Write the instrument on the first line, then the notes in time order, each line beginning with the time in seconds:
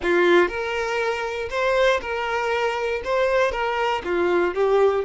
violin
0.02 F4
0.48 A#4
1.50 C5
2.01 A#4
3.04 C5
3.51 A#4
4.04 F4
4.54 G4